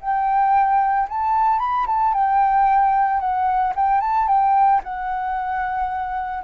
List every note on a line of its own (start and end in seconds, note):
0.00 1.07 G5
1.09 1.59 A5
1.59 1.86 B5
1.87 2.13 A5
2.13 3.19 G5
3.19 3.73 F#5
3.75 4.00 G5
4.00 4.27 A5
4.27 4.81 G5
4.83 6.43 F#5